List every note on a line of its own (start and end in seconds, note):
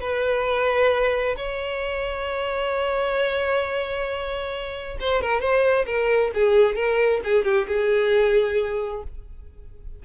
0.00 1.35 B4
1.36 4.97 C#5
5.00 5.21 C5
5.21 5.40 A#4
5.40 5.85 C5
5.86 6.31 A#4
6.34 6.75 G#4
6.75 7.20 A#4
7.24 7.44 G#4
7.44 7.67 G4
7.67 9.03 G#4